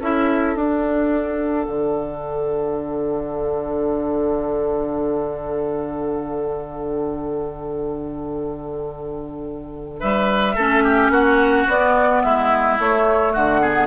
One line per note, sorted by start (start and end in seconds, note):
0.00 0.56 C#4
0.00 0.57 E4
0.00 10.00 A4
0.00 0.58 E5
0.56 1.67 D4
0.56 10.57 D4
0.56 10.00 F#5
1.68 10.01 D3
10.00 10.56 G3
10.00 10.55 B4
10.00 11.11 E5
10.55 11.09 A3
10.55 11.70 C#4
10.55 10.83 A4
10.84 11.12 G4
11.09 11.65 A#3
11.09 12.23 F#4
11.09 11.68 F#5
11.67 12.23 B3
11.67 12.80 B3
11.67 12.23 D5
12.23 12.79 G#3
12.23 13.33 E4
12.23 12.78 E5
12.79 13.34 A3
12.79 13.63 A3
12.79 13.33 C#5
13.33 13.87 D3
13.33 13.61 F#4
13.33 13.87 F#5
13.61 13.87 B3
13.61 13.87 G#4